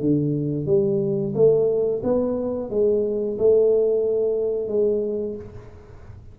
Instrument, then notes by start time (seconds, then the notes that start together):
tuba
0.00 D3
0.66 G3
1.34 A3
2.03 B3
2.70 G#3
3.38 A3
4.68 G#3